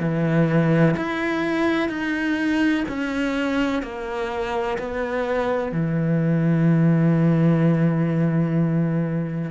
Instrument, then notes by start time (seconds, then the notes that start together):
cello
0.00 E3
0.97 E4
1.89 D#4
2.88 C#4
3.83 A#3
4.78 B3
5.72 E3